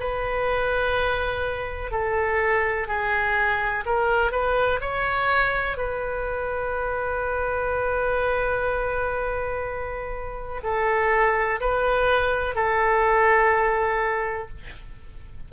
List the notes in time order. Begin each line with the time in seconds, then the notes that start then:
0.00 B4
1.91 A4
2.88 G#4
3.86 A#4
4.32 B4
4.81 C#5
5.78 B4
10.64 A4
11.60 B4
12.55 A4